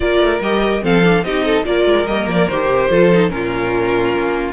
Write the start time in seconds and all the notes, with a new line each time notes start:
0.00 A#3 F4 A#4 D5
0.19 A3
0.40 G3 G4 D#5
0.82 F3 C4 A4 F5
1.03 D4
1.23 C4 D#4 G4 D#5
1.45 A4
1.64 A#3 F4 A#4 D5
1.85 G#3
2.06 G3 A#3 D#5
2.26 F3 D5
2.48 D#3 G4 C5
2.65 C3
2.90 F3 F4 A4
3.12 D#4
3.28 A#2 C#4 F4 A#4
4.14 A#3